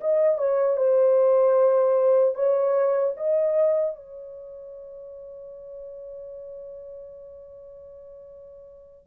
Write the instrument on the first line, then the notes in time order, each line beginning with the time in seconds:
horn
0.00 D#5
0.38 C#5
0.76 C5
2.34 C#5
3.17 D#5
3.95 C#5